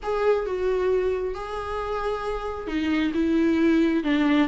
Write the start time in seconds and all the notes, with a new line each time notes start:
0.02 G#4
0.45 F#4
1.34 G#4
2.67 D#4
3.14 E4
4.03 D4